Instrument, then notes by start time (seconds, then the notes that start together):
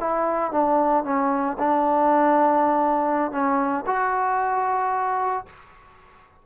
trombone
0.00 E4
0.51 D4
1.04 C#4
1.59 D4
3.31 C#4
3.86 F#4